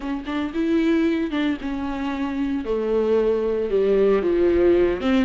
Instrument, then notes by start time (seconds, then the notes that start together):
viola
0.00 C#4
0.26 D4
0.54 E4
1.30 D4
1.61 C#4
2.65 A3
3.70 G3
4.22 F3
5.00 C4